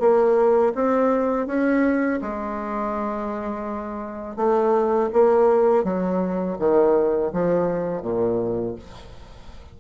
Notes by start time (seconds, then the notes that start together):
0.00 A#3
0.75 C4
1.47 C#4
2.22 G#3
4.37 A3
5.13 A#3
5.84 F#3
6.59 D#3
7.33 F3
8.02 A#2